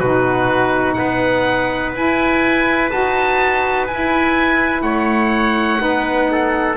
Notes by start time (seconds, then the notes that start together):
0.00 B2 D#4 F#4 B4
0.94 B3 B4 F#5
1.95 E4 G#5
2.91 D#4 F#4 A5
3.88 E4 G#5
4.82 A3 C#5 F#5
5.79 B3 D#4 B4
6.32 A4